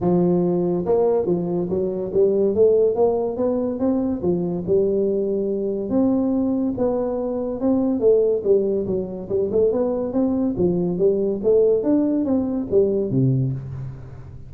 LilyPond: \new Staff \with { instrumentName = "tuba" } { \time 4/4 \tempo 4 = 142 f2 ais4 f4 | fis4 g4 a4 ais4 | b4 c'4 f4 g4~ | g2 c'2 |
b2 c'4 a4 | g4 fis4 g8 a8 b4 | c'4 f4 g4 a4 | d'4 c'4 g4 c4 | }